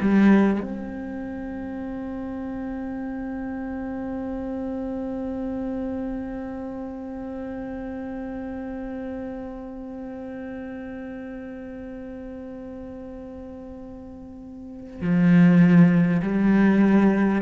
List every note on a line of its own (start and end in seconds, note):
0.00 0.60 G3
0.62 15.01 C4
15.01 16.21 F3
16.22 17.41 G3